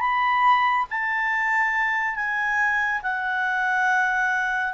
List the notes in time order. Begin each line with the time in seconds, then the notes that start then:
0.00 B5
0.90 A5
2.15 G#5
3.02 F#5